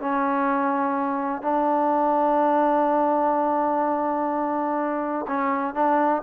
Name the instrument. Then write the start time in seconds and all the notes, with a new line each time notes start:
trombone
0.00 C#4
1.42 D4
5.27 C#4
5.74 D4